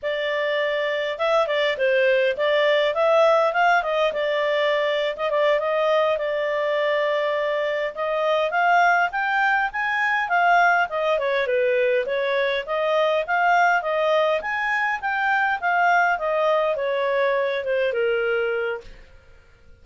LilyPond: \new Staff \with { instrumentName = "clarinet" } { \time 4/4 \tempo 4 = 102 d''2 e''8 d''8 c''4 | d''4 e''4 f''8 dis''8 d''4~ | d''8. dis''16 d''8 dis''4 d''4.~ | d''4. dis''4 f''4 g''8~ |
g''8 gis''4 f''4 dis''8 cis''8 b'8~ | b'8 cis''4 dis''4 f''4 dis''8~ | dis''8 gis''4 g''4 f''4 dis''8~ | dis''8 cis''4. c''8 ais'4. | }